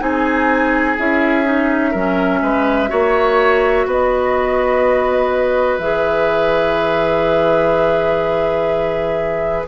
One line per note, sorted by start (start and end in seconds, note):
0.00 0.98 C4
0.00 0.97 D#4
0.00 1.92 G#4
0.00 0.98 G#5
0.98 1.95 C#4
0.98 1.45 E4
0.98 3.90 E5
1.45 1.93 D#4
1.92 2.42 F#3
1.92 2.89 C#4
1.92 2.40 A#4
2.42 2.91 G#3
2.42 2.90 B4
2.89 3.86 A#3
2.89 5.79 F#4
2.89 3.87 C#5
3.86 5.79 B3
3.86 9.68 B4
3.86 5.78 D#5
5.78 9.66 E3
5.78 9.68 G#4
5.78 9.65 E5